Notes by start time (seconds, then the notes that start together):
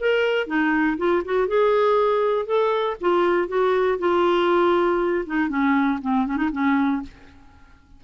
0.00 A#4
0.47 D#4
0.98 F4
1.25 F#4
1.48 G#4
2.46 A4
3.01 F4
3.48 F#4
3.99 F4
5.26 D#4
5.49 C#4
6.02 C4
6.27 C#4
6.37 D#4
6.52 C#4